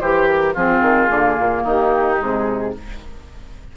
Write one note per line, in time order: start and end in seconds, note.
0.00 0.55 E3
0.00 0.54 G4
0.00 0.56 G4
0.00 0.27 C5
0.27 0.54 A#4
0.54 0.81 F3
0.54 1.08 C4
0.54 1.63 F4
0.54 1.64 G#4
0.81 1.09 D#3
1.08 1.37 D3
1.08 2.17 A#3
1.40 1.65 A#2
1.63 2.19 D#3
1.63 2.72 D#4
1.69 2.22 G4
2.18 2.76 C3
2.18 2.72 G#3
2.18 2.76 G#4